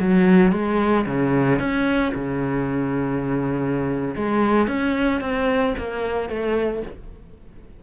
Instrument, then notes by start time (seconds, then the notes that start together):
cello
0.00 F#3
0.52 G#3
1.06 C#3
1.59 C#4
2.14 C#3
4.16 G#3
4.67 C#4
5.21 C4
5.78 A#3
6.29 A3